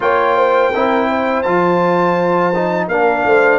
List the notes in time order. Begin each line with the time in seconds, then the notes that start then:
0.00 A#3 F4 C#5 G5
0.36 C5
0.71 C4 E4 A#4
1.08 C5
1.42 F3 F4 A5
2.55 D#4
2.87 A#3 D4 A#4 F5
3.24 A3 C5